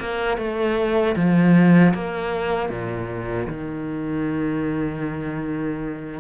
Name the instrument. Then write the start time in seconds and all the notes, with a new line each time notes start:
cello
0.00 A#3
0.37 A3
1.15 F3
1.94 A#3
2.69 A#2
3.47 D#3